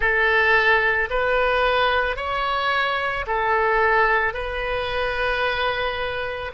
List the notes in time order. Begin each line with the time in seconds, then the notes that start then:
0.00 A4
1.10 B4
2.16 C#5
3.27 A4
4.33 B4